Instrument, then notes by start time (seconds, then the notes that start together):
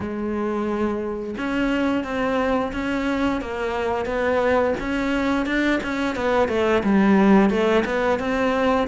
cello
0.00 G#3
1.37 C#4
2.04 C4
2.73 C#4
3.41 A#3
4.05 B3
4.79 C#4
5.45 D4
5.83 C#4
6.15 B3
6.48 A3
6.83 G3
7.49 A3
7.85 B3
8.18 C4